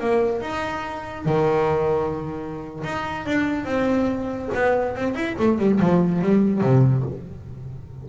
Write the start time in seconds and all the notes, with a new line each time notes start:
0.00 A#3
0.41 D#4
1.25 D#3
2.84 D#4
3.26 D4
3.65 C4
4.54 B3
4.96 C4
5.15 E4
5.39 A3
5.59 G3
5.80 F3
6.22 G3
6.61 C3